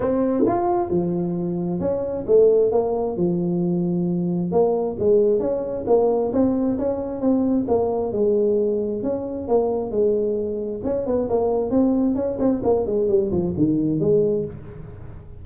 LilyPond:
\new Staff \with { instrumentName = "tuba" } { \time 4/4 \tempo 4 = 133 c'4 f'4 f2 | cis'4 a4 ais4 f4~ | f2 ais4 gis4 | cis'4 ais4 c'4 cis'4 |
c'4 ais4 gis2 | cis'4 ais4 gis2 | cis'8 b8 ais4 c'4 cis'8 c'8 | ais8 gis8 g8 f8 dis4 gis4 | }